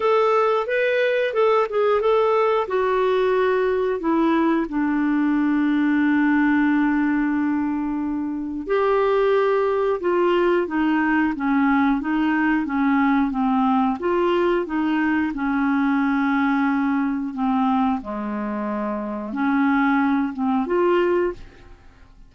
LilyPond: \new Staff \with { instrumentName = "clarinet" } { \time 4/4 \tempo 4 = 90 a'4 b'4 a'8 gis'8 a'4 | fis'2 e'4 d'4~ | d'1~ | d'4 g'2 f'4 |
dis'4 cis'4 dis'4 cis'4 | c'4 f'4 dis'4 cis'4~ | cis'2 c'4 gis4~ | gis4 cis'4. c'8 f'4 | }